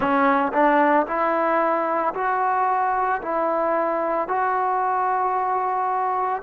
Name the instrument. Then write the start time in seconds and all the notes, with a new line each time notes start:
trombone
0.00 C#4
0.53 D4
1.06 E4
2.14 F#4
3.21 E4
4.28 F#4